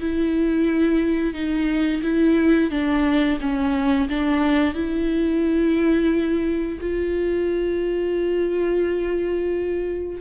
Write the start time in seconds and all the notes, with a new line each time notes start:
0.00 E4
1.33 D#4
2.02 E4
2.70 D4
3.40 C#4
4.08 D4
4.74 E4
6.80 F4